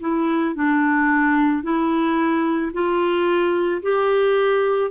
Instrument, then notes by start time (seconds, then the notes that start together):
clarinet
0.00 E4
0.55 D4
1.63 E4
2.73 F4
3.82 G4